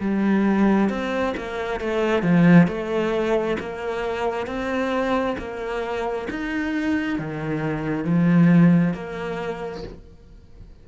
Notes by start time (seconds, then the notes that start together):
0.00 G3
0.90 C4
1.37 A#3
1.80 A3
2.23 F3
2.67 A3
3.59 A#3
4.47 C4
5.38 A#3
6.30 D#4
7.18 D#3
8.04 F3
8.94 A#3